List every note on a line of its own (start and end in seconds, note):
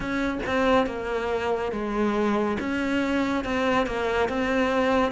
0.00 0.39 C#4
0.46 0.86 C4
0.86 1.71 A#3
1.71 2.57 G#3
2.59 3.44 C#4
3.44 3.86 C4
3.86 4.29 A#3
4.29 5.12 C4